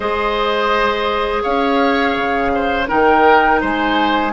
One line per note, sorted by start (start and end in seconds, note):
0.00 1.43 G#3
0.00 2.87 G#4
0.00 1.42 C5
0.00 1.42 D#5
1.42 2.16 C#4
1.42 2.51 C#5
1.42 2.87 F5
2.16 2.88 C#3
2.54 2.88 C5
2.87 3.62 D#3
2.87 4.32 D#4
2.87 3.60 A#4
2.87 3.61 G5
3.60 4.33 G#3
3.60 4.33 C5
3.60 4.33 G#5